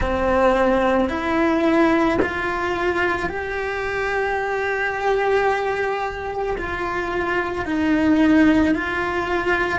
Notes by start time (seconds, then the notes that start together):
0.00 C4
1.09 E4
2.22 F4
3.29 G4
6.57 F4
7.65 D#4
8.74 F4